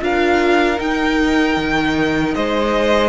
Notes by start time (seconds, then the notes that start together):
0.00 D4 F4 A#4 F5
0.77 D#4 G5
1.57 D#3
2.34 G#3 C5 D#5